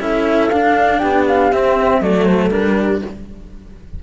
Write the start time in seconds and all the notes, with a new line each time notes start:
0.00 C#4 E4 A4 E5
0.50 D4 F5
0.99 B3 G4 G5
1.28 F5
1.52 C4 E5
2.00 F#3 A3 A4 D5
2.24 C5
2.50 G3 D4 A#4
2.78 G4